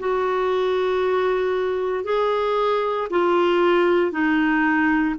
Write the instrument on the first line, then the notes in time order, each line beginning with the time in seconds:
clarinet
0.00 F#4
2.05 G#4
3.11 F4
4.12 D#4